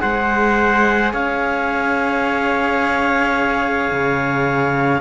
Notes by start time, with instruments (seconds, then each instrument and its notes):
0.00 cello G#3 G#4, trumpet C5, clarinet F#5
1.13 cello C#4, trumpet C#5, clarinet F5
3.91 cello C#3